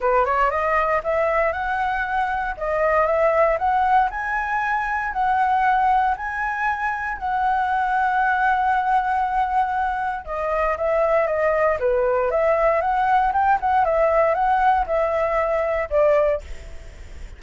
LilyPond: \new Staff \with { instrumentName = "flute" } { \time 4/4 \tempo 4 = 117 b'8 cis''8 dis''4 e''4 fis''4~ | fis''4 dis''4 e''4 fis''4 | gis''2 fis''2 | gis''2 fis''2~ |
fis''1 | dis''4 e''4 dis''4 b'4 | e''4 fis''4 g''8 fis''8 e''4 | fis''4 e''2 d''4 | }